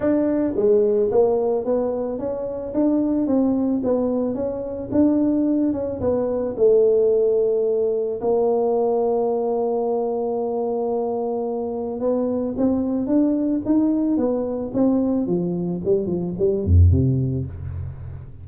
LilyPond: \new Staff \with { instrumentName = "tuba" } { \time 4/4 \tempo 4 = 110 d'4 gis4 ais4 b4 | cis'4 d'4 c'4 b4 | cis'4 d'4. cis'8 b4 | a2. ais4~ |
ais1~ | ais2 b4 c'4 | d'4 dis'4 b4 c'4 | f4 g8 f8 g8 f,8 c4 | }